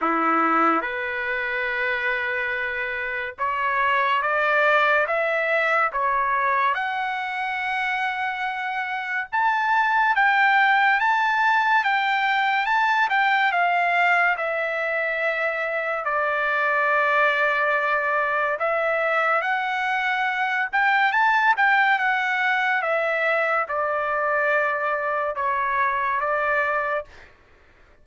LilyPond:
\new Staff \with { instrumentName = "trumpet" } { \time 4/4 \tempo 4 = 71 e'4 b'2. | cis''4 d''4 e''4 cis''4 | fis''2. a''4 | g''4 a''4 g''4 a''8 g''8 |
f''4 e''2 d''4~ | d''2 e''4 fis''4~ | fis''8 g''8 a''8 g''8 fis''4 e''4 | d''2 cis''4 d''4 | }